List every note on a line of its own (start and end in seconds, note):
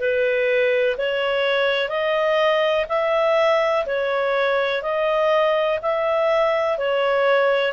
0.00 0.97 B4
0.98 1.90 C#5
1.90 2.86 D#5
2.89 3.86 E5
3.87 4.83 C#5
4.83 5.80 D#5
5.83 6.78 E5
6.78 7.73 C#5